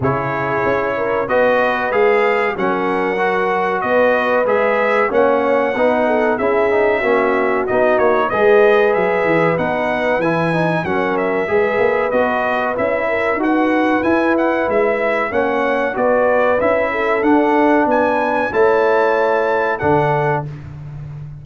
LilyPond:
<<
  \new Staff \with { instrumentName = "trumpet" } { \time 4/4 \tempo 4 = 94 cis''2 dis''4 f''4 | fis''2 dis''4 e''4 | fis''2 e''2 | dis''8 cis''8 dis''4 e''4 fis''4 |
gis''4 fis''8 e''4. dis''4 | e''4 fis''4 gis''8 fis''8 e''4 | fis''4 d''4 e''4 fis''4 | gis''4 a''2 fis''4 | }
  \new Staff \with { instrumentName = "horn" } { \time 4/4 gis'4. ais'8 b'2 | ais'2 b'2 | cis''4 b'8 a'8 gis'4 fis'4~ | fis'4 b'2.~ |
b'4 ais'4 b'2~ | b'8 ais'8 b'2. | cis''4 b'4. a'4. | b'4 cis''2 a'4 | }
  \new Staff \with { instrumentName = "trombone" } { \time 4/4 e'2 fis'4 gis'4 | cis'4 fis'2 gis'4 | cis'4 dis'4 e'8 dis'8 cis'4 | dis'4 gis'2 dis'4 |
e'8 dis'8 cis'4 gis'4 fis'4 | e'4 fis'4 e'2 | cis'4 fis'4 e'4 d'4~ | d'4 e'2 d'4 | }
  \new Staff \with { instrumentName = "tuba" } { \time 4/4 cis4 cis'4 b4 gis4 | fis2 b4 gis4 | ais4 b4 cis'4 ais4 | b8 ais8 gis4 fis8 e8 b4 |
e4 fis4 gis8 ais8 b4 | cis'4 dis'4 e'4 gis4 | ais4 b4 cis'4 d'4 | b4 a2 d4 | }
>>